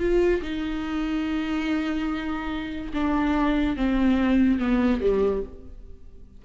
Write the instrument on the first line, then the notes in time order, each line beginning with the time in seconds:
viola
0.00 F4
0.42 D#4
2.94 D4
3.77 C4
4.60 B3
5.01 G3